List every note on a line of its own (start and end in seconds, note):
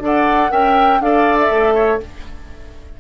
0.00 0.49 D4
0.00 0.50 A4
0.00 0.52 D5
0.00 0.52 F#5
0.50 1.01 C#4
0.50 1.00 A#4
0.50 1.01 E5
0.50 1.02 G5
1.01 1.50 D4
1.01 2.01 A4
1.01 1.75 D5
1.01 1.38 F5
1.39 2.00 E5
1.50 1.99 A3
1.75 1.99 C#5